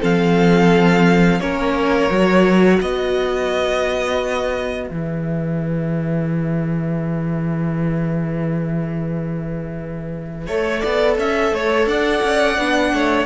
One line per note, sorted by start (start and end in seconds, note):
0.00 1.40 F3
0.00 1.40 C4
0.00 1.40 A4
0.00 1.40 F5
1.40 2.10 A#3
1.40 2.10 C#4
1.40 2.81 A#4
1.40 2.79 C#5
2.10 2.80 F#3
2.10 4.89 F#4
2.81 4.90 B3
2.81 10.46 B4
2.81 4.88 D#5
4.88 10.47 E3
4.88 10.47 G#4
4.88 11.85 E5
10.46 10.82 A3
10.46 12.57 A4
10.46 10.80 C#5
10.80 11.18 B3
10.80 11.15 D5
11.18 11.52 C#4
11.18 11.54 E5
11.52 11.86 A3
11.52 11.88 C#5
11.86 12.21 D4
11.86 12.93 D5
11.86 13.25 F#5
12.23 12.58 C#4
12.58 12.93 B3
12.58 13.25 D4
12.93 13.25 A3
12.93 13.25 C#5